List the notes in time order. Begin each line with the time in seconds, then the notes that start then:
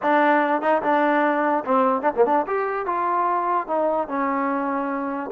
0.02 D4
0.61 D#4
0.82 D4
1.64 C4
2.01 D4
2.15 A#3
2.25 D4
2.47 G4
2.86 F4
3.67 D#4
4.08 C#4